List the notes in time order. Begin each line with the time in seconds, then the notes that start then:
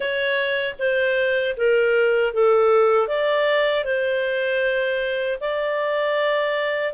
0.00 C#5
0.78 C5
1.56 A#4
2.33 A4
3.07 D5
3.84 C5
5.40 D5